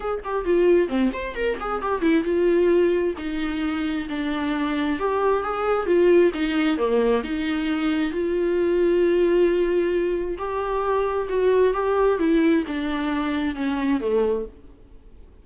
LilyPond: \new Staff \with { instrumentName = "viola" } { \time 4/4 \tempo 4 = 133 gis'8 g'8 f'4 c'8 c''8 ais'8 gis'8 | g'8 e'8 f'2 dis'4~ | dis'4 d'2 g'4 | gis'4 f'4 dis'4 ais4 |
dis'2 f'2~ | f'2. g'4~ | g'4 fis'4 g'4 e'4 | d'2 cis'4 a4 | }